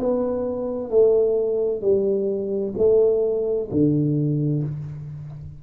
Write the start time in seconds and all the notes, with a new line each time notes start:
0.00 B3
0.90 A3
1.82 G3
2.78 A3
3.71 D3